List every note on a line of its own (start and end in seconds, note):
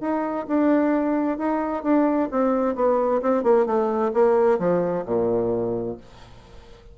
0.00 0.46 D#4
0.47 1.38 D4
1.38 1.83 D#4
1.83 2.29 D4
2.31 2.75 C4
2.75 3.21 B3
3.22 3.43 C4
3.43 3.66 A#3
3.66 4.11 A3
4.13 4.58 A#3
4.58 5.04 F3
5.05 5.97 A#2